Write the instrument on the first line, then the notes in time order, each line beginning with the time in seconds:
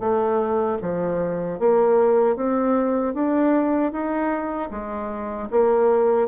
bassoon
0.00 A3
0.82 F3
1.59 A#3
2.36 C4
3.14 D4
3.92 D#4
4.71 G#3
5.51 A#3